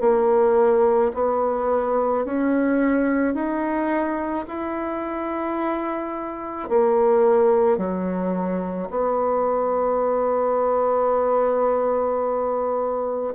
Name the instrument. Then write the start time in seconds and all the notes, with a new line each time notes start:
bassoon
0.00 A#3
1.14 B3
2.25 C#4
3.34 D#4
4.47 E4
6.69 A#3
7.77 F#3
8.90 B3